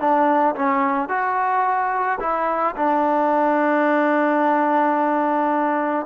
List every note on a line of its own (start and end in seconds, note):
0.00 0.55 D4
0.55 1.09 C#4
1.09 2.19 F#4
2.20 2.75 E4
2.76 6.07 D4